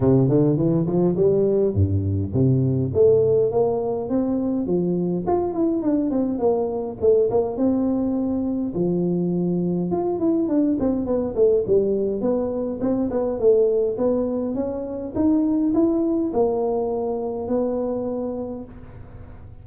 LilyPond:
\new Staff \with { instrumentName = "tuba" } { \time 4/4 \tempo 4 = 103 c8 d8 e8 f8 g4 g,4 | c4 a4 ais4 c'4 | f4 f'8 e'8 d'8 c'8 ais4 | a8 ais8 c'2 f4~ |
f4 f'8 e'8 d'8 c'8 b8 a8 | g4 b4 c'8 b8 a4 | b4 cis'4 dis'4 e'4 | ais2 b2 | }